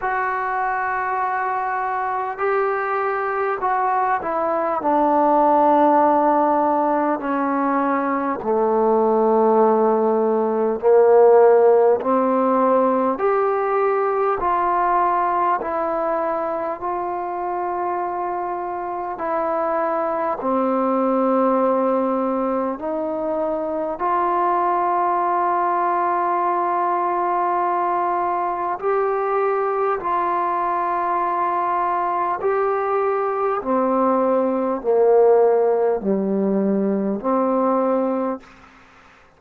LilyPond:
\new Staff \with { instrumentName = "trombone" } { \time 4/4 \tempo 4 = 50 fis'2 g'4 fis'8 e'8 | d'2 cis'4 a4~ | a4 ais4 c'4 g'4 | f'4 e'4 f'2 |
e'4 c'2 dis'4 | f'1 | g'4 f'2 g'4 | c'4 ais4 g4 c'4 | }